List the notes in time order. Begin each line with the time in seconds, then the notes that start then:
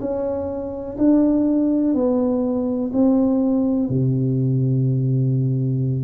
0.00 C#4
0.98 D4
1.94 B3
2.93 C4
3.89 C3